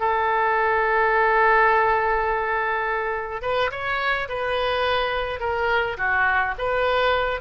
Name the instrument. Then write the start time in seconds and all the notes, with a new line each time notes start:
oboe
0.00 A4
3.42 B4
3.71 C#5
4.29 B4
5.40 A#4
5.97 F#4
6.58 B4